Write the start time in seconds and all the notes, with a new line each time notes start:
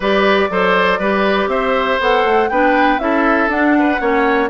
0.00 G3 G4 B4 D5
0.50 F#3 A4 C5
0.99 G3 G4 B4
1.47 C4 C5 E5
2.00 B3 A4 F#5
2.24 A3
2.49 B3 D4 B4 G5
2.98 C#4 E4 A4 E5
3.48 D4 F#5
3.78 B4
3.99 A#3 C#4 C#5